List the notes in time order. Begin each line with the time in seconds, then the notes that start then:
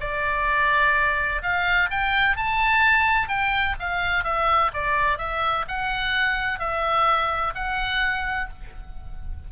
0.00 D5
1.42 F5
1.90 G5
2.36 A5
3.28 G5
3.79 F5
4.24 E5
4.73 D5
5.18 E5
5.68 F#5
6.59 E5
7.54 F#5